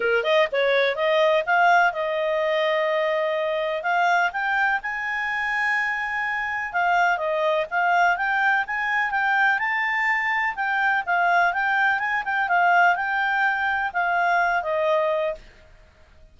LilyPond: \new Staff \with { instrumentName = "clarinet" } { \time 4/4 \tempo 4 = 125 ais'8 dis''8 cis''4 dis''4 f''4 | dis''1 | f''4 g''4 gis''2~ | gis''2 f''4 dis''4 |
f''4 g''4 gis''4 g''4 | a''2 g''4 f''4 | g''4 gis''8 g''8 f''4 g''4~ | g''4 f''4. dis''4. | }